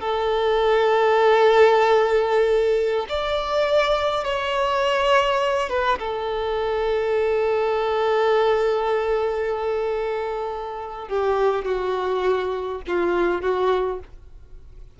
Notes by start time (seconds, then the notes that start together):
0.00 A4
3.09 D5
4.24 C#5
5.69 B4
5.99 A4
11.08 G4
11.65 F#4
12.87 F4
13.41 F#4